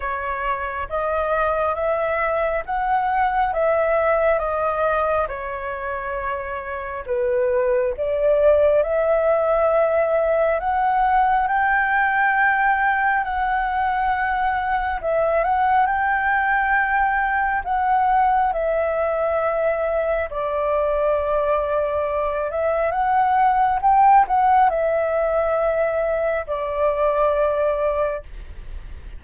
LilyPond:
\new Staff \with { instrumentName = "flute" } { \time 4/4 \tempo 4 = 68 cis''4 dis''4 e''4 fis''4 | e''4 dis''4 cis''2 | b'4 d''4 e''2 | fis''4 g''2 fis''4~ |
fis''4 e''8 fis''8 g''2 | fis''4 e''2 d''4~ | d''4. e''8 fis''4 g''8 fis''8 | e''2 d''2 | }